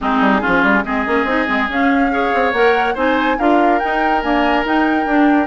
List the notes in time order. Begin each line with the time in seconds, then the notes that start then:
0.00 G#3 C4 D#4 G#4
0.20 G3
0.41 F3 C#4 F4
0.62 G3
0.83 G#3 C4 G#4 D#5
1.06 A#3 C#4
1.24 C4 D#4
1.46 G#3 C4
1.68 C#4 F5
2.11 G#4 C#5
2.34 C4
2.52 A#3 A#4 F#5
2.94 C4 D#4 C5 G#5
3.38 D4 F4 A#4 F5
3.79 D#4 G5
4.21 A#3 D4 G#5
4.64 D#4 G5
5.05 D4